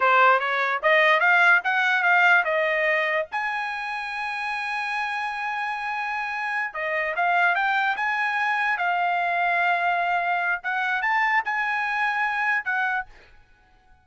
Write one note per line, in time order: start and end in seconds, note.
0.00 0.39 C5
0.39 0.80 C#5
0.82 1.20 D#5
1.20 1.60 F5
1.64 2.02 F#5
2.02 2.43 F5
2.44 3.26 D#5
3.31 6.73 G#5
6.73 7.14 D#5
7.15 7.55 F5
7.55 7.96 G5
7.96 8.77 G#5
8.77 10.61 F5
10.63 11.02 F#5
11.02 11.42 A5
11.44 12.65 G#5
12.65 13.05 F#5